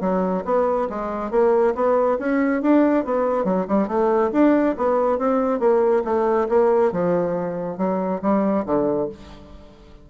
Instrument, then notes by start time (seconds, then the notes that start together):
bassoon
0.00 F#3
0.44 B3
0.89 G#3
1.30 A#3
1.74 B3
2.18 C#4
2.62 D4
3.05 B3
3.44 F#3
3.67 G3
3.87 A3
4.32 D4
4.77 B3
5.18 C4
5.59 A#3
6.04 A3
6.48 A#3
6.91 F3
7.77 F#3
8.21 G3
8.65 D3